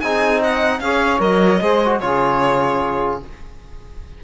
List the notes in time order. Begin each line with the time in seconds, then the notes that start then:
0.00 C4 D#4 G#4 G#5
0.40 D#5 F#5
0.79 C#4 G#4 C#5 F5
1.19 F#3 A#4 D#5
1.61 G#3 G#4 C5
1.85 F#4
1.99 C#3 F4 G#4 C#5